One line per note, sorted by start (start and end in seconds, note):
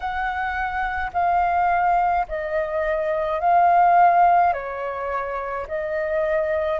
0.00 1.10 F#5
1.13 2.26 F5
2.28 3.40 D#5
3.40 4.53 F5
4.53 5.66 C#5
5.67 6.79 D#5